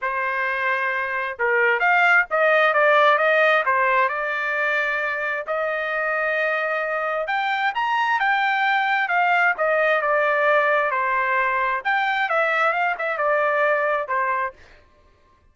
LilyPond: \new Staff \with { instrumentName = "trumpet" } { \time 4/4 \tempo 4 = 132 c''2. ais'4 | f''4 dis''4 d''4 dis''4 | c''4 d''2. | dis''1 |
g''4 ais''4 g''2 | f''4 dis''4 d''2 | c''2 g''4 e''4 | f''8 e''8 d''2 c''4 | }